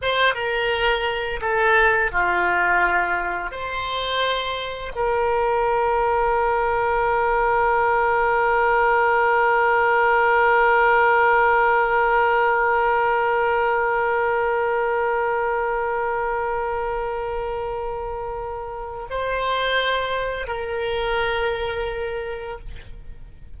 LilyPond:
\new Staff \with { instrumentName = "oboe" } { \time 4/4 \tempo 4 = 85 c''8 ais'4. a'4 f'4~ | f'4 c''2 ais'4~ | ais'1~ | ais'1~ |
ais'1~ | ais'1~ | ais'2. c''4~ | c''4 ais'2. | }